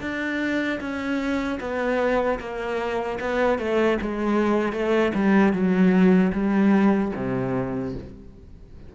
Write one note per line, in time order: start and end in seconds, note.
0.00 0.79 D4
0.80 1.59 C#4
1.60 2.39 B3
2.39 3.18 A#3
3.20 3.58 B3
3.58 3.98 A3
4.01 4.72 G#3
4.72 5.11 A3
5.14 5.52 G3
5.52 6.31 F#3
6.32 7.11 G3
7.15 7.94 C3